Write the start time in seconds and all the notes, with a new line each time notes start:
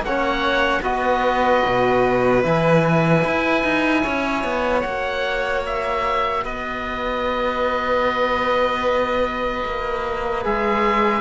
0.00 A#3 F#5
0.06 C#4 C#5
0.82 B3 F#4 B4 D#5
1.66 B2
2.43 E3 E4 G#5
3.25 E4
3.64 D#4
4.03 C#4 C#5
4.44 B3
4.81 A#3 F#4 F#5
5.66 E5
6.45 B3 B4 D#5
9.66 A#3
10.44 G#3 G#4 E5